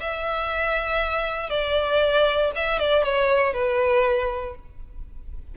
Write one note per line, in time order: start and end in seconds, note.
0.00 1.50 E5
1.50 2.51 D5
2.55 2.79 E5
2.79 3.04 D5
3.04 3.53 C#5
3.53 4.55 B4